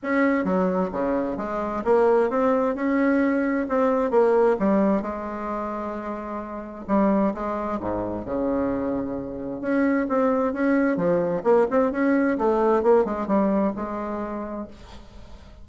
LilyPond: \new Staff \with { instrumentName = "bassoon" } { \time 4/4 \tempo 4 = 131 cis'4 fis4 cis4 gis4 | ais4 c'4 cis'2 | c'4 ais4 g4 gis4~ | gis2. g4 |
gis4 gis,4 cis2~ | cis4 cis'4 c'4 cis'4 | f4 ais8 c'8 cis'4 a4 | ais8 gis8 g4 gis2 | }